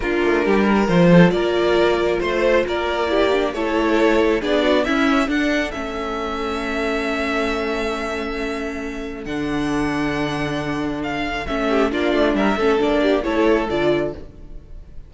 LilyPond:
<<
  \new Staff \with { instrumentName = "violin" } { \time 4/4 \tempo 4 = 136 ais'2 c''4 d''4~ | d''4 c''4 d''2 | cis''2 d''4 e''4 | fis''4 e''2.~ |
e''1~ | e''4 fis''2.~ | fis''4 f''4 e''4 d''4 | e''4 d''4 cis''4 d''4 | }
  \new Staff \with { instrumentName = "violin" } { \time 4/4 f'4 g'8 ais'4 a'8 ais'4~ | ais'4 c''4 ais'4 g'4 | a'2 gis'8 fis'8 e'4 | a'1~ |
a'1~ | a'1~ | a'2~ a'8 g'8 f'4 | ais'8 a'4 g'8 a'2 | }
  \new Staff \with { instrumentName = "viola" } { \time 4/4 d'2 f'2~ | f'2. e'8 d'8 | e'2 d'4 cis'4 | d'4 cis'2.~ |
cis'1~ | cis'4 d'2.~ | d'2 cis'4 d'4~ | d'8 cis'8 d'4 e'4 f'4 | }
  \new Staff \with { instrumentName = "cello" } { \time 4/4 ais8 a8 g4 f4 ais4~ | ais4 a4 ais2 | a2 b4 cis'4 | d'4 a2.~ |
a1~ | a4 d2.~ | d2 a4 ais8 a8 | g8 a8 ais4 a4 d4 | }
>>